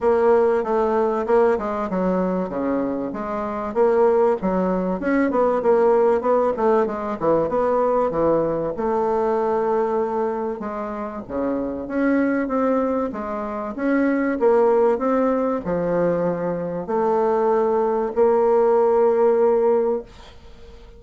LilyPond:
\new Staff \with { instrumentName = "bassoon" } { \time 4/4 \tempo 4 = 96 ais4 a4 ais8 gis8 fis4 | cis4 gis4 ais4 fis4 | cis'8 b8 ais4 b8 a8 gis8 e8 | b4 e4 a2~ |
a4 gis4 cis4 cis'4 | c'4 gis4 cis'4 ais4 | c'4 f2 a4~ | a4 ais2. | }